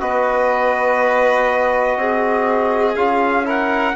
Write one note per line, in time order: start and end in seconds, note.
0.00 1.97 B3
0.00 2.95 F#4
0.00 1.98 B4
0.00 2.96 D#5
1.97 2.95 C4
1.97 3.46 G#4
2.96 3.94 C#4
2.96 3.44 F4
2.96 3.45 F5
3.44 3.93 E4
3.44 3.95 A#4
3.44 3.96 F#5